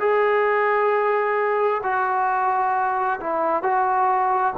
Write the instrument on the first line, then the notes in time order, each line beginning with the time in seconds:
trombone
0.00 G#4
1.83 F#4
3.20 E4
3.63 F#4